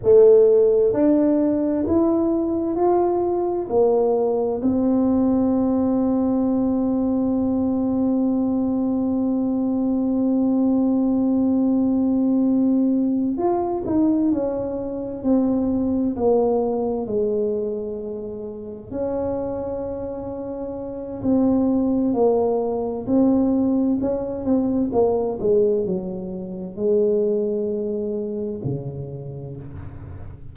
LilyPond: \new Staff \with { instrumentName = "tuba" } { \time 4/4 \tempo 4 = 65 a4 d'4 e'4 f'4 | ais4 c'2.~ | c'1~ | c'2~ c'8 f'8 dis'8 cis'8~ |
cis'8 c'4 ais4 gis4.~ | gis8 cis'2~ cis'8 c'4 | ais4 c'4 cis'8 c'8 ais8 gis8 | fis4 gis2 cis4 | }